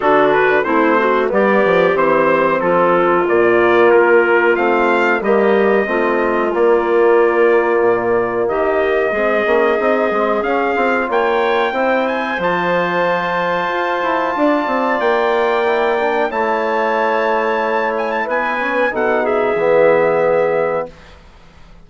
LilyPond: <<
  \new Staff \with { instrumentName = "trumpet" } { \time 4/4 \tempo 4 = 92 a'8 b'8 c''4 d''4 c''4 | a'4 d''4 ais'4 f''4 | dis''2 d''2~ | d''4 dis''2. |
f''4 g''4. gis''8 a''4~ | a''2. g''4~ | g''4 a''2~ a''8 gis''16 a''16 | gis''4 fis''8 e''2~ e''8 | }
  \new Staff \with { instrumentName = "clarinet" } { \time 4/4 fis'4 e'8 fis'8 g'2 | f'1 | g'4 f'2.~ | f'4 g'4 gis'2~ |
gis'4 cis''4 c''2~ | c''2 d''2~ | d''4 cis''2. | b'4 a'8 gis'2~ gis'8 | }
  \new Staff \with { instrumentName = "trombone" } { \time 4/4 d'4 c'4 b4 c'4~ | c'4 ais2 c'4 | ais4 c'4 ais2~ | ais2 c'8 cis'8 dis'8 c'8 |
cis'8 f'4. e'4 f'4~ | f'1 | e'8 d'8 e'2.~ | e'8 cis'8 dis'4 b2 | }
  \new Staff \with { instrumentName = "bassoon" } { \time 4/4 d4 a4 g8 f8 e4 | f4 ais,4 ais4 a4 | g4 a4 ais2 | ais,4 dis4 gis8 ais8 c'8 gis8 |
cis'8 c'8 ais4 c'4 f4~ | f4 f'8 e'8 d'8 c'8 ais4~ | ais4 a2. | b4 b,4 e2 | }
>>